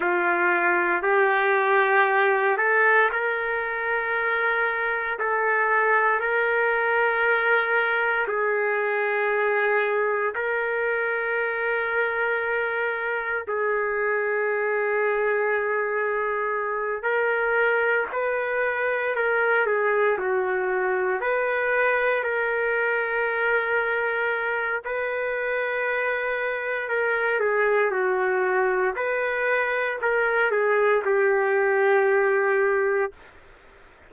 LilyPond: \new Staff \with { instrumentName = "trumpet" } { \time 4/4 \tempo 4 = 58 f'4 g'4. a'8 ais'4~ | ais'4 a'4 ais'2 | gis'2 ais'2~ | ais'4 gis'2.~ |
gis'8 ais'4 b'4 ais'8 gis'8 fis'8~ | fis'8 b'4 ais'2~ ais'8 | b'2 ais'8 gis'8 fis'4 | b'4 ais'8 gis'8 g'2 | }